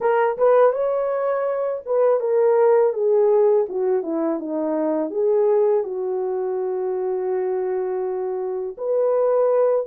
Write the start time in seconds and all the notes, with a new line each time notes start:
0.00 A#4
0.37 B4
0.72 C#5
1.85 B4
2.20 A#4
2.93 G#4
3.68 F#4
4.02 E4
4.39 D#4
5.10 G#4
5.83 F#4
8.77 B4